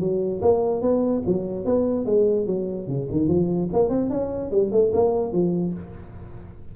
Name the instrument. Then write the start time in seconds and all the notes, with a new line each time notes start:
tuba
0.00 F#3
0.42 A#3
0.82 B3
1.26 F#3
1.65 B3
2.06 G#3
2.47 F#3
2.88 C#3
3.11 D#3
3.28 F3
3.73 A#3
3.90 C4
4.10 C#4
4.51 G3
4.72 A3
4.94 A#3
5.33 F3